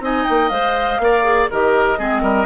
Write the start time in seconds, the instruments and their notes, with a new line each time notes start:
0.00 bassoon C4, clarinet D#4, oboe D#5, flute G#5
0.26 bassoon A#3, flute G5
0.49 bassoon G#3, clarinet C5, flute F5
0.99 bassoon A#3, clarinet A#4, oboe D5
1.24 clarinet G#4
1.51 bassoon D#3, clarinet G4, oboe A#4, flute D#5
1.98 bassoon G#3, clarinet C4, oboe G#4
2.22 bassoon G3, oboe A#4